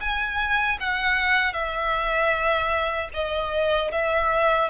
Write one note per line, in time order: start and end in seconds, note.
0.00 0.78 G#5
0.80 1.53 F#5
1.53 3.09 E5
3.13 3.91 D#5
3.91 4.69 E5